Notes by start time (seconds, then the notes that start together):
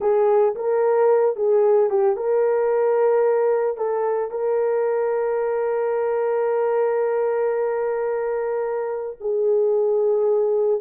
0.00 G#4
0.55 A#4
1.36 G#4
1.90 G4
2.16 A#4
3.77 A4
4.30 A#4
9.20 G#4